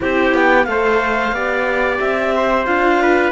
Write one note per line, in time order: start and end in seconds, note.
0.00 0.33 C4
0.00 0.65 E4
0.00 0.68 G4
0.00 0.35 C5
0.33 0.66 B3
0.33 0.64 G5
0.64 1.32 A3
0.64 1.34 A4
0.64 1.34 C5
0.64 1.97 F5
1.32 1.98 B3
1.32 2.66 G4
1.32 2.34 D5
1.99 2.66 C4
1.99 2.65 E5
2.35 3.02 C5
2.65 3.31 D4
2.65 3.31 F4
2.65 3.31 F5
3.02 3.31 B4